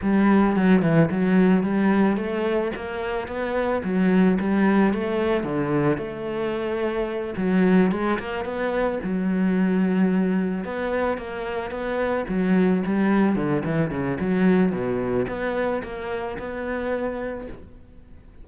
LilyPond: \new Staff \with { instrumentName = "cello" } { \time 4/4 \tempo 4 = 110 g4 fis8 e8 fis4 g4 | a4 ais4 b4 fis4 | g4 a4 d4 a4~ | a4. fis4 gis8 ais8 b8~ |
b8 fis2. b8~ | b8 ais4 b4 fis4 g8~ | g8 d8 e8 cis8 fis4 b,4 | b4 ais4 b2 | }